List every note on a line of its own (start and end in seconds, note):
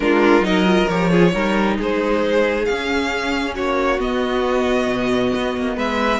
0.00 0.40 G#3
0.00 0.42 D4
0.00 0.46 F4
0.00 0.44 A#4
0.40 0.85 F#3
0.40 0.64 D#4
0.40 1.09 A#4
0.40 0.88 D#5
0.65 0.87 F4
0.88 1.34 F3
0.88 1.11 G4
0.88 1.77 C#5
1.09 1.32 F4
1.09 1.32 G#4
1.32 1.78 G3
1.32 2.66 D#4
1.32 1.77 A#4
1.77 2.68 G#3
1.77 3.54 G#4
1.77 2.65 C5
2.65 3.57 C#4
2.65 3.99 C#4
2.65 3.54 F5
3.54 3.99 A#3
3.54 5.76 F#4
3.54 4.00 C#5
3.99 4.87 B3
3.99 6.20 B3
3.99 5.78 D#5
4.87 5.31 B2
5.34 5.56 B3
5.57 5.76 A#3
5.76 6.20 G#3
5.76 6.20 B4
5.76 6.20 E5